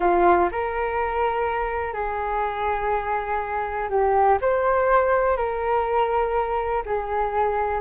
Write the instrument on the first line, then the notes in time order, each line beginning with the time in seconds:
flute
0.00 F4
0.51 A#4
1.93 G#4
3.89 G4
4.41 C5
5.37 A#4
6.85 G#4